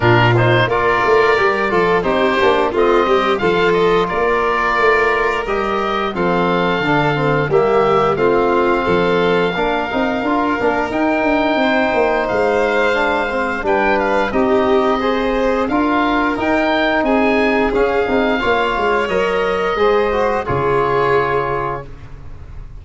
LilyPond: <<
  \new Staff \with { instrumentName = "oboe" } { \time 4/4 \tempo 4 = 88 ais'8 c''8 d''2 c''4 | dis''4 f''8 dis''8 d''2 | dis''4 f''2 e''4 | f''1 |
g''2 f''2 | g''8 f''8 dis''2 f''4 | g''4 gis''4 f''2 | dis''2 cis''2 | }
  \new Staff \with { instrumentName = "violin" } { \time 4/4 f'4 ais'4. a'8 g'4 | f'8 g'8 a'4 ais'2~ | ais'4 a'2 g'4 | f'4 a'4 ais'2~ |
ais'4 c''2. | b'4 g'4 c''4 ais'4~ | ais'4 gis'2 cis''4~ | cis''4 c''4 gis'2 | }
  \new Staff \with { instrumentName = "trombone" } { \time 4/4 d'8 dis'8 f'4 g'8 f'8 dis'8 d'8 | c'4 f'2. | g'4 c'4 d'8 c'8 ais4 | c'2 d'8 dis'8 f'8 d'8 |
dis'2. d'8 c'8 | d'4 dis'4 gis'4 f'4 | dis'2 cis'8 dis'8 f'4 | ais'4 gis'8 fis'8 f'2 | }
  \new Staff \with { instrumentName = "tuba" } { \time 4/4 ais,4 ais8 a8 g8 f8 c'8 ais8 | a8 g8 f4 ais4 a4 | g4 f4 d4 g4 | a4 f4 ais8 c'8 d'8 ais8 |
dis'8 d'8 c'8 ais8 gis2 | g4 c'2 d'4 | dis'4 c'4 cis'8 c'8 ais8 gis8 | fis4 gis4 cis2 | }
>>